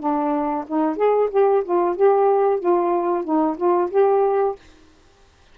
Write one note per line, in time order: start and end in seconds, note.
0.00 0.65 D4
0.67 0.97 D#4
0.97 1.30 G#4
1.31 1.63 G4
1.65 1.96 F4
1.96 2.60 G4
2.60 3.25 F4
3.25 3.57 D#4
3.58 3.90 F4
3.91 4.56 G4